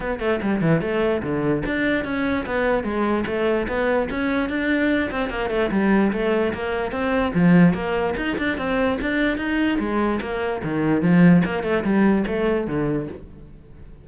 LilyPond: \new Staff \with { instrumentName = "cello" } { \time 4/4 \tempo 4 = 147 b8 a8 g8 e8 a4 d4 | d'4 cis'4 b4 gis4 | a4 b4 cis'4 d'4~ | d'8 c'8 ais8 a8 g4 a4 |
ais4 c'4 f4 ais4 | dis'8 d'8 c'4 d'4 dis'4 | gis4 ais4 dis4 f4 | ais8 a8 g4 a4 d4 | }